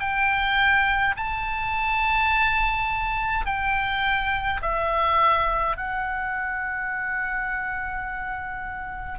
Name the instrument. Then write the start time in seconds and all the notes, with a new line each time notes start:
oboe
0.00 G5
1.17 A5
3.46 G5
4.62 E5
5.77 F#5